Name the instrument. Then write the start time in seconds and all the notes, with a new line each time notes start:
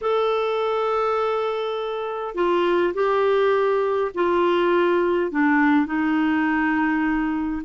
clarinet
0.01 A4
2.34 F4
2.94 G4
4.14 F4
5.31 D4
5.85 D#4